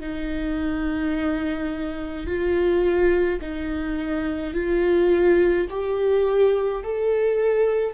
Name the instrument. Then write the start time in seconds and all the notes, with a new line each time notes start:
viola
0.00 D#4
2.27 F4
3.41 D#4
4.54 F4
5.70 G4
6.84 A4